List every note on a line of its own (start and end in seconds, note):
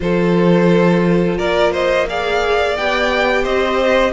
0.00 1.39 F3
0.00 2.07 F4
0.00 1.37 A4
0.00 1.38 C5
1.37 2.77 A#3
1.37 1.72 A#4
1.37 1.73 D5
1.72 2.06 C5
1.72 2.07 D#5
2.08 2.77 G#4
2.08 3.43 D5
2.08 2.77 F5
2.77 3.46 B3
2.77 4.12 G4
2.77 3.44 G5
3.43 4.12 C4
3.43 4.11 C5
3.43 4.12 D#5